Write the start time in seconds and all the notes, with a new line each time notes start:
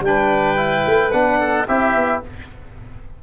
0.00 G3 D4 G5
0.07 B4
0.56 E4
0.86 A3
1.12 B3 D4 F#5
1.40 A4
1.68 C4 E4 G4 E5
1.95 B3